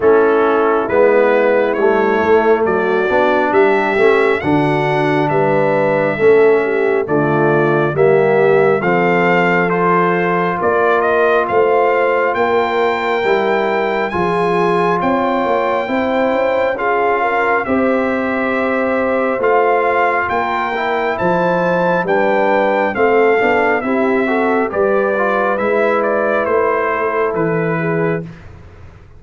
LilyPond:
<<
  \new Staff \with { instrumentName = "trumpet" } { \time 4/4 \tempo 4 = 68 a'4 b'4 cis''4 d''4 | e''4 fis''4 e''2 | d''4 e''4 f''4 c''4 | d''8 dis''8 f''4 g''2 |
gis''4 g''2 f''4 | e''2 f''4 g''4 | a''4 g''4 f''4 e''4 | d''4 e''8 d''8 c''4 b'4 | }
  \new Staff \with { instrumentName = "horn" } { \time 4/4 e'2. fis'4 | g'4 fis'4 b'4 a'8 g'8 | f'4 g'4 a'2 | ais'4 c''4 ais'2 |
gis'4 cis''4 c''4 gis'8 ais'8 | c''2. ais'4 | c''4 b'4 a'4 g'8 a'8 | b'2~ b'8 a'4 gis'8 | }
  \new Staff \with { instrumentName = "trombone" } { \time 4/4 cis'4 b4 a4. d'8~ | d'8 cis'8 d'2 cis'4 | a4 ais4 c'4 f'4~ | f'2. e'4 |
f'2 e'4 f'4 | g'2 f'4. e'8~ | e'4 d'4 c'8 d'8 e'8 fis'8 | g'8 f'8 e'2. | }
  \new Staff \with { instrumentName = "tuba" } { \time 4/4 a4 gis4 g8 a8 fis8 b8 | g8 a8 d4 g4 a4 | d4 g4 f2 | ais4 a4 ais4 g4 |
f4 c'8 ais8 c'8 cis'4. | c'2 a4 ais4 | f4 g4 a8 b8 c'4 | g4 gis4 a4 e4 | }
>>